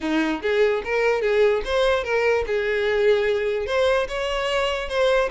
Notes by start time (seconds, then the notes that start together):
0.00 D#4
0.42 G#4
0.84 A#4
1.21 G#4
1.64 C5
2.04 A#4
2.46 G#4
3.66 C5
4.08 C#5
4.88 C5